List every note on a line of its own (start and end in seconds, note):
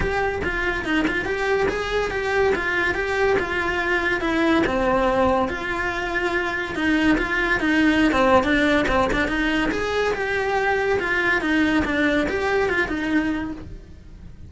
0.00 0.42 G4
0.44 0.84 F4
0.84 1.05 D#4
1.07 1.25 F4
1.25 1.67 G4
1.68 2.10 G#4
2.10 2.53 G4
2.55 2.94 F4
2.94 3.36 G4
3.39 4.20 F4
4.20 4.63 E4
4.66 5.48 C4
5.48 6.75 F4
6.75 7.17 D#4
7.17 7.60 F4
7.60 8.12 D#4
8.12 8.43 C4
8.43 8.85 D4
8.88 9.09 C4
9.12 9.27 D4
9.27 9.70 D#4
9.71 10.13 G#4
10.14 10.98 G4
10.99 11.41 F4
11.41 11.83 D#4
11.84 12.27 D4
12.28 12.69 G4
12.69 12.88 F4
12.88 13.52 D#4